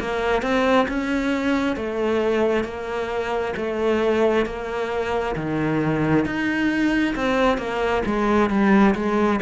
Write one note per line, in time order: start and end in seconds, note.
0.00 0.42 A#3
0.42 0.87 C4
0.88 1.76 C#4
1.76 2.64 A3
2.64 3.54 A#3
3.56 4.46 A3
4.46 5.35 A#3
5.35 6.25 D#3
6.25 7.15 D#4
7.15 7.58 C4
7.58 8.02 A#3
8.06 8.50 G#3
8.50 8.94 G3
8.95 9.40 G#3